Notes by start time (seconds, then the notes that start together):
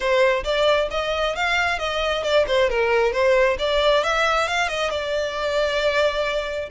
0.00 C5
0.44 D5
0.90 D#5
1.35 F5
1.78 D#5
2.23 D5
2.47 C5
2.69 A#4
3.12 C5
3.58 D5
4.03 E5
4.48 F5
4.68 D#5
4.90 D5